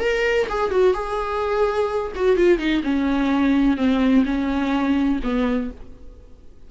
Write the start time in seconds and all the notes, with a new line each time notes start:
0.00 A#4
0.49 G#4
0.71 F#4
0.94 G#4
2.16 F#4
2.37 F4
2.59 D#4
2.84 C#4
3.77 C4
4.26 C#4
5.24 B3